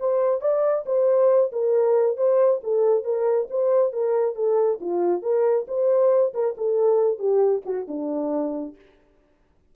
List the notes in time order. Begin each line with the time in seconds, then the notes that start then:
0.00 C5
0.41 D5
0.86 C5
1.52 A#4
2.17 C5
2.63 A4
3.04 A#4
3.50 C5
3.93 A#4
4.36 A4
4.81 F4
5.22 A#4
5.68 C5
6.34 A#4
6.58 A4
7.19 G4
7.65 F#4
7.88 D4